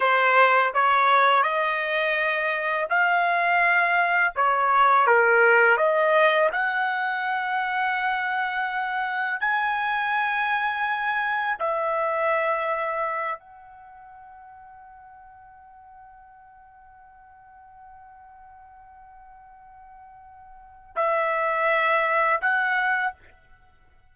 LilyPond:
\new Staff \with { instrumentName = "trumpet" } { \time 4/4 \tempo 4 = 83 c''4 cis''4 dis''2 | f''2 cis''4 ais'4 | dis''4 fis''2.~ | fis''4 gis''2. |
e''2~ e''8 fis''4.~ | fis''1~ | fis''1~ | fis''4 e''2 fis''4 | }